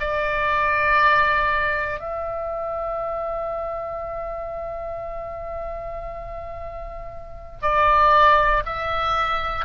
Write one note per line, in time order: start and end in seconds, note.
0.00 2.00 D5
2.00 7.59 E5
7.62 8.63 D5
8.66 9.66 E5